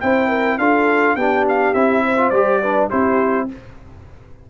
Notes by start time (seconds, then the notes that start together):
0.00 C4 E4 C5 G5
0.28 A#4
0.58 D4 F4 A4 F5
1.15 B3 D4 G4 G5
1.48 F5
1.74 C4 E4 E5
2.05 C5
2.17 F4
2.29 G3 G4 D5
2.61 D4 B4
2.89 C4 E4 G4 C5